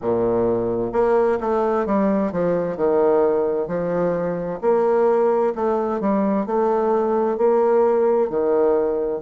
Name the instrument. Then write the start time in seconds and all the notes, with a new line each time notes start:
bassoon
0.01 A#2
0.92 A#3
1.40 A3
1.85 G3
2.32 F3
2.77 D#3
3.67 F3
4.61 A#3
5.55 A3
6.00 G3
6.46 A3
7.37 A#3
8.29 D#3